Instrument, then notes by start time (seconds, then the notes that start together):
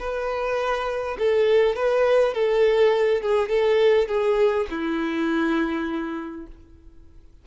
violin
0.00 B4
1.19 A4
1.76 B4
2.34 A4
3.22 G#4
3.50 A4
4.08 G#4
4.71 E4